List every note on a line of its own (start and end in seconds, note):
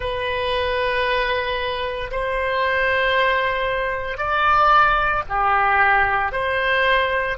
0.00 2.11 B4
2.11 4.17 C5
4.17 5.22 D5
5.28 6.32 G4
6.32 7.37 C5